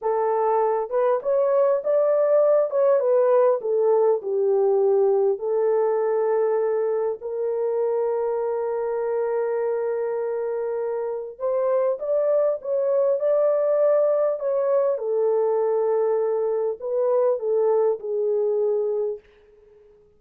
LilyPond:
\new Staff \with { instrumentName = "horn" } { \time 4/4 \tempo 4 = 100 a'4. b'8 cis''4 d''4~ | d''8 cis''8 b'4 a'4 g'4~ | g'4 a'2. | ais'1~ |
ais'2. c''4 | d''4 cis''4 d''2 | cis''4 a'2. | b'4 a'4 gis'2 | }